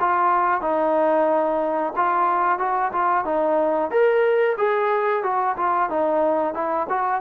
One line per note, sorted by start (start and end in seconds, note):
0.00 0.61 F4
0.61 1.93 D#4
1.96 2.59 F4
2.59 2.92 F#4
2.93 3.25 F4
3.25 3.91 D#4
3.91 4.56 A#4
4.57 5.23 G#4
5.23 5.56 F#4
5.57 5.90 F4
5.90 6.54 D#4
6.54 6.87 E4
6.89 7.21 F#4